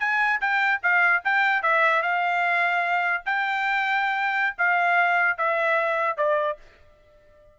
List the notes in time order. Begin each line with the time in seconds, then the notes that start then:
0.00 G#5
0.41 G5
0.83 F5
1.25 G5
1.63 E5
2.03 F5
3.26 G5
4.59 F5
5.38 E5
6.17 D5